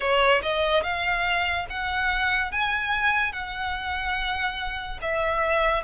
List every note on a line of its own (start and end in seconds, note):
0.00 0.41 C#5
0.42 0.83 D#5
0.83 1.66 F5
1.69 2.52 F#5
2.52 3.32 G#5
3.32 4.99 F#5
5.01 5.83 E5